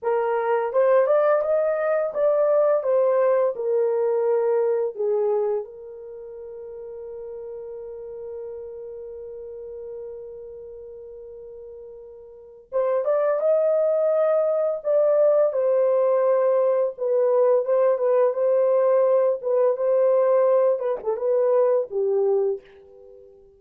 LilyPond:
\new Staff \with { instrumentName = "horn" } { \time 4/4 \tempo 4 = 85 ais'4 c''8 d''8 dis''4 d''4 | c''4 ais'2 gis'4 | ais'1~ | ais'1~ |
ais'2 c''8 d''8 dis''4~ | dis''4 d''4 c''2 | b'4 c''8 b'8 c''4. b'8 | c''4. b'16 a'16 b'4 g'4 | }